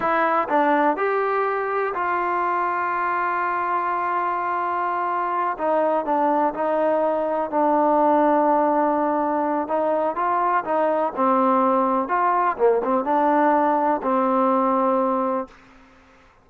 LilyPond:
\new Staff \with { instrumentName = "trombone" } { \time 4/4 \tempo 4 = 124 e'4 d'4 g'2 | f'1~ | f'2.~ f'8 dis'8~ | dis'8 d'4 dis'2 d'8~ |
d'1 | dis'4 f'4 dis'4 c'4~ | c'4 f'4 ais8 c'8 d'4~ | d'4 c'2. | }